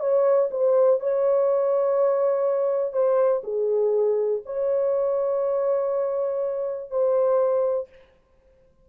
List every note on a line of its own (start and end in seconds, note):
0.00 0.49 C#5
0.51 1.00 C5
1.00 2.93 C#5
2.93 3.42 C5
3.43 4.42 G#4
4.45 6.90 C#5
6.90 7.89 C5